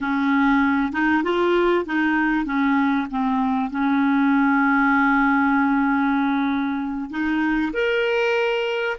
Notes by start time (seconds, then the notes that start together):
0.00 C#4
0.92 D#4
1.23 F4
1.85 D#4
2.45 C#4
3.10 C4
3.70 C#4
7.10 D#4
7.73 A#4